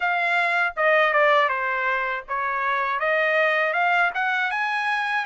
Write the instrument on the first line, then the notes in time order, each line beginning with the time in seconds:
trumpet
0.00 F5
0.76 D#5
1.12 D5
1.48 C5
2.28 C#5
2.99 D#5
3.73 F5
4.14 F#5
4.50 G#5